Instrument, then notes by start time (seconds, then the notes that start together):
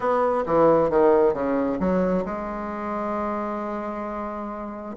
bassoon
0.00 B3
0.46 E3
0.90 D#3
1.33 C#3
1.79 F#3
2.25 G#3